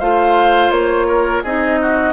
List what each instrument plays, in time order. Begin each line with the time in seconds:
0.00 bassoon A3, clarinet F4, oboe C5, flute F5
0.71 bassoon A#3, flute C#5
1.08 oboe A#4
1.43 bassoon C4, clarinet D#4, oboe G#4, flute D#5
1.82 oboe F#4